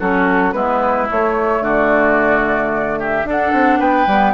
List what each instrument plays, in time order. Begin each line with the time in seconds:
0.00 bassoon F#3, clarinet C#4, oboe F#4, flute A4
0.53 bassoon G#3, clarinet B3, oboe E4, flute B4
1.08 clarinet A3, bassoon A3, flute C#5
1.61 bassoon D3, oboe F#4, flute D5
2.99 oboe G4, flute E5
3.25 bassoon D4, clarinet D4, oboe A4
3.31 flute F#5
3.53 bassoon C4
3.79 bassoon B3, oboe B4, flute G5
4.07 bassoon G3, clarinet B3